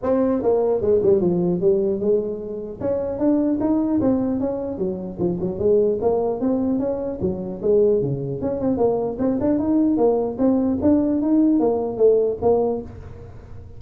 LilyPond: \new Staff \with { instrumentName = "tuba" } { \time 4/4 \tempo 4 = 150 c'4 ais4 gis8 g8 f4 | g4 gis2 cis'4 | d'4 dis'4 c'4 cis'4 | fis4 f8 fis8 gis4 ais4 |
c'4 cis'4 fis4 gis4 | cis4 cis'8 c'8 ais4 c'8 d'8 | dis'4 ais4 c'4 d'4 | dis'4 ais4 a4 ais4 | }